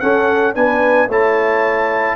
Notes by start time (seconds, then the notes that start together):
0.00 C#4 A4 F#5
0.55 B3 D4 B4 G#5
1.08 A3 E4 C#5 A5